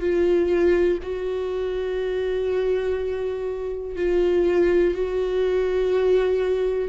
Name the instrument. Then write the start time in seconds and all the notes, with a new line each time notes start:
viola
0.00 F4
1.02 F#4
3.96 F4
4.94 F#4